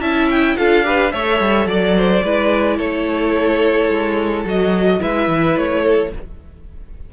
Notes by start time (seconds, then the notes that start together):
0.00 C#4 E4 E5 A5
0.30 G5
0.57 D4 F4 A4 F5
0.83 G4 B4
1.11 A3 A4 C#5 E5
1.40 G3
1.65 F#3 D5
1.96 C5
2.23 G#3 E4 B4
2.77 A3 A4 C#5
3.89 G#3
4.44 F#3 F#4 D#5
5.00 G#3 E4 B4 E5
5.27 E3
5.57 A3 C#5
5.81 A4